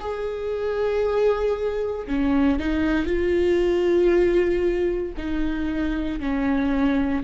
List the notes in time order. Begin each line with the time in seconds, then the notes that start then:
0.00 G#4
2.07 C#4
2.59 D#4
3.06 F4
5.17 D#4
6.20 C#4